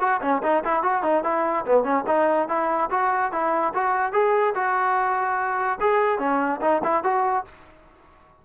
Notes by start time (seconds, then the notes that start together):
0.00 F#4
0.21 C#4
0.43 D#4
0.64 E4
0.83 F#4
1.03 D#4
1.24 E4
1.66 B3
1.83 C#4
2.07 D#4
2.48 E4
2.90 F#4
3.32 E4
3.74 F#4
4.12 G#4
4.55 F#4
5.80 G#4
6.19 C#4
6.61 D#4
6.83 E4
7.04 F#4